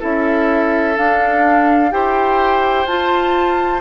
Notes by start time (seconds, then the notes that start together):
0.00 C#4 E4 A4 E5
0.96 D4 F5
1.91 E4 G4 C5 G5
2.86 F4 A5